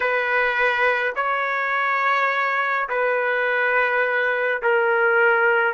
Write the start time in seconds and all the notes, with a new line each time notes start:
0.00 B4
1.15 C#5
2.88 B4
4.62 A#4